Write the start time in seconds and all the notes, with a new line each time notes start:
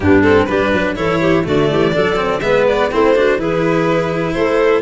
0.00 G2 B3 D4 G4
0.22 C4 A4
0.45 G3 D4 G4 B4
0.72 F#3 B4
0.95 E3 E4 A4 C#5
1.20 G4
1.43 D3 A3 F#4 D5
1.70 E3 G4
1.93 F#3 D4 A4
2.15 C4
2.40 G#3 B3 B4 E5
2.67 D5
2.91 A3 C4 E4 C5
3.15 D4 F#4
3.36 E3 E4 G#4 B4
4.33 A3 A4 C5